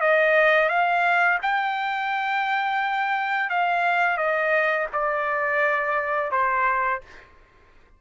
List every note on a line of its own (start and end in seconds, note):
0.00 0.68 D#5
0.68 1.38 F5
1.42 3.49 G5
3.49 4.17 F5
4.17 4.87 D#5
4.92 6.31 D5
6.31 7.01 C5